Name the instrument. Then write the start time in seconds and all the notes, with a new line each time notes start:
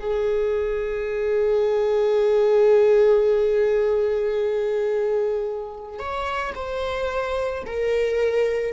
viola
0.00 G#4
5.99 C#5
6.55 C5
7.66 A#4